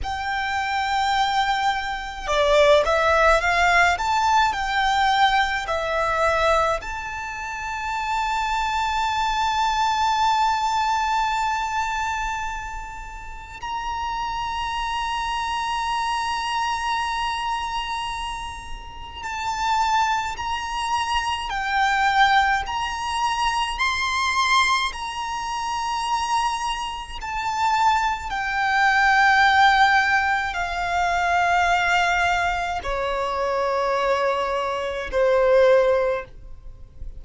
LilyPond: \new Staff \with { instrumentName = "violin" } { \time 4/4 \tempo 4 = 53 g''2 d''8 e''8 f''8 a''8 | g''4 e''4 a''2~ | a''1 | ais''1~ |
ais''4 a''4 ais''4 g''4 | ais''4 c'''4 ais''2 | a''4 g''2 f''4~ | f''4 cis''2 c''4 | }